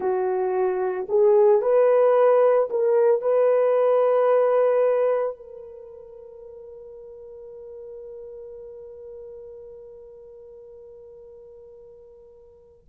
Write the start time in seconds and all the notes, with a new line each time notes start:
0.00 F#4
1.08 G#4
1.61 B4
2.70 A#4
3.21 B4
5.36 A#4